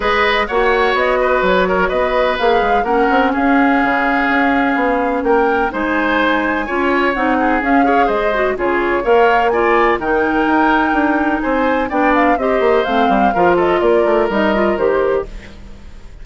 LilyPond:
<<
  \new Staff \with { instrumentName = "flute" } { \time 4/4 \tempo 4 = 126 dis''4 fis''4 dis''4 cis''4 | dis''4 f''4 fis''4 f''4~ | f''2. g''4 | gis''2. fis''4 |
f''4 dis''4 cis''4 f''4 | gis''4 g''2. | gis''4 g''8 f''8 dis''4 f''4~ | f''8 dis''8 d''4 dis''4 c''4 | }
  \new Staff \with { instrumentName = "oboe" } { \time 4/4 b'4 cis''4. b'4 ais'8 | b'2 ais'4 gis'4~ | gis'2. ais'4 | c''2 cis''4. gis'8~ |
gis'8 cis''8 c''4 gis'4 cis''4 | d''4 ais'2. | c''4 d''4 c''2 | ais'8 a'8 ais'2. | }
  \new Staff \with { instrumentName = "clarinet" } { \time 4/4 gis'4 fis'2.~ | fis'4 gis'4 cis'2~ | cis'1 | dis'2 f'4 dis'4 |
cis'8 gis'4 fis'8 f'4 ais'4 | f'4 dis'2.~ | dis'4 d'4 g'4 c'4 | f'2 dis'8 f'8 g'4 | }
  \new Staff \with { instrumentName = "bassoon" } { \time 4/4 gis4 ais4 b4 fis4 | b4 ais8 gis8 ais8 c'8 cis'4 | cis4 cis'4 b4 ais4 | gis2 cis'4 c'4 |
cis'4 gis4 cis4 ais4~ | ais4 dis4 dis'4 d'4 | c'4 b4 c'8 ais8 a8 g8 | f4 ais8 a8 g4 dis4 | }
>>